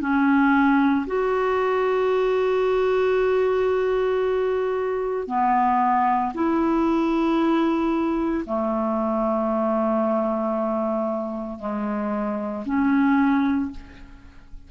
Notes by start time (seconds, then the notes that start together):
0.00 C#4
1.06 F#4
5.27 B3
6.33 E4
8.45 A3
11.59 G#3
12.65 C#4